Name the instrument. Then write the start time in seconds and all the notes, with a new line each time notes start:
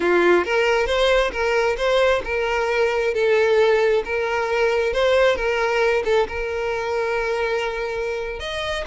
violin
0.00 F4
0.44 A#4
0.86 C5
1.31 A#4
1.77 C5
2.24 A#4
3.13 A4
4.04 A#4
4.93 C5
5.36 A#4
6.04 A4
6.27 A#4
8.39 D#5